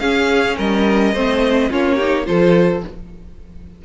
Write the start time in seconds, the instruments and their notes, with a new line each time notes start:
0.00 cello C#4, viola C#4, violin G#4 F5
0.58 cello G3, violin A#4 D#5
1.14 cello A3, viola C4, violin C5
1.71 cello A#3, viola C#4, violin F4 C#5
1.96 viola D#4, violin G4
2.26 cello F3, viola F4, violin A4 C5